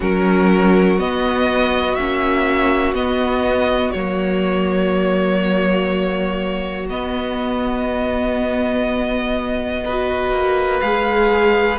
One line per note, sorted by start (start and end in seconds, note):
0.00 1.00 F#3
0.00 0.98 C#4
0.00 9.83 F#4
0.00 0.99 A#4
0.99 1.97 B3
0.99 1.98 B3
0.99 1.94 D#5
1.94 2.93 A#3
1.94 2.94 C#4
1.94 2.93 E5
2.93 3.92 B3
2.93 3.93 B3
2.93 3.91 D#5
3.91 6.89 F#3
3.91 6.90 A#3
3.91 6.86 C#5
6.89 10.31 B3
6.89 9.85 B3
6.89 10.80 D#5
9.84 10.82 F#4
9.84 11.79 B4
10.31 10.81 A#3
10.80 11.79 G#3
10.80 11.79 G#4
10.80 11.78 F5